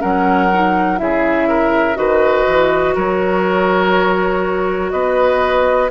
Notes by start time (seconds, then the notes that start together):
0.00 F#3 C#4 A#4 F#5
0.53 D#4
0.98 C#3 E4 G#4 E5
1.49 A#4
1.95 D#3 F#4 B4 D#5
2.48 E3
2.95 F#3 A#4 C#5
4.91 B3 B4 D#5